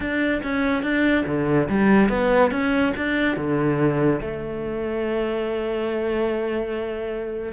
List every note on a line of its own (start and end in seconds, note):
0.00 0.41 D4
0.42 0.83 C#4
0.83 1.25 D4
1.26 1.68 D3
1.68 2.09 G3
2.09 2.51 B3
2.51 2.93 C#4
2.97 3.36 D4
3.36 4.20 D3
4.21 7.52 A3